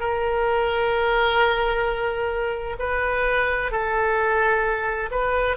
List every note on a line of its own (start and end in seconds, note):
0.00 2.77 A#4
2.79 3.71 B4
3.71 5.10 A4
5.11 5.57 B4